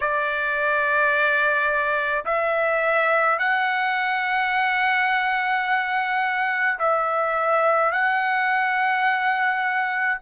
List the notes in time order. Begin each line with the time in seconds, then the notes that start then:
0.00 D5
2.25 E5
3.39 F#5
6.78 E5
7.92 F#5